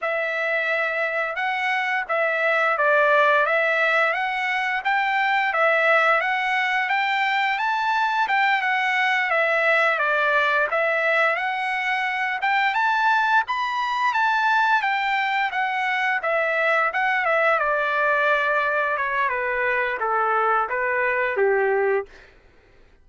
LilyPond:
\new Staff \with { instrumentName = "trumpet" } { \time 4/4 \tempo 4 = 87 e''2 fis''4 e''4 | d''4 e''4 fis''4 g''4 | e''4 fis''4 g''4 a''4 | g''8 fis''4 e''4 d''4 e''8~ |
e''8 fis''4. g''8 a''4 b''8~ | b''8 a''4 g''4 fis''4 e''8~ | e''8 fis''8 e''8 d''2 cis''8 | b'4 a'4 b'4 g'4 | }